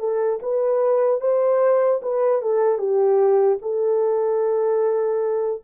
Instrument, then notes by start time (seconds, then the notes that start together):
horn
0.00 A4
0.43 B4
1.21 C5
2.03 B4
2.42 A4
2.79 G4
3.62 A4